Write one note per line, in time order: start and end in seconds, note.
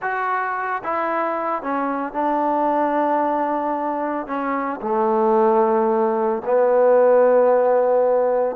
0.01 0.82 F#4
0.83 1.62 E4
1.62 2.13 C#4
2.13 4.26 D4
4.26 4.80 C#4
4.81 6.42 A3
6.45 8.56 B3